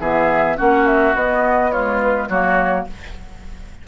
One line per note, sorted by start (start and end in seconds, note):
0.00 0.57 E3
0.00 0.57 B3
0.00 0.57 G#4
0.00 0.58 E5
0.57 1.15 A#3
0.57 1.15 C#4
0.57 1.72 F#4
0.57 0.87 F#5
0.87 1.16 E5
1.15 2.29 B3
1.15 1.73 B3
1.15 1.72 D#5
1.72 2.30 G#3
1.72 2.29 F4
1.72 2.00 C#5
2.03 2.30 B4
2.29 2.86 F#3
2.29 2.88 A#3
2.29 2.86 F#4
2.29 2.87 C#5